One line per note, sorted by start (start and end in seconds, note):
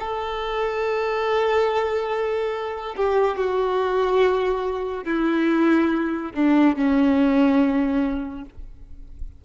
0.00 2.96 A4
2.97 3.38 G4
3.38 5.05 F#4
5.05 6.31 E4
6.35 6.76 D4
6.76 8.45 C#4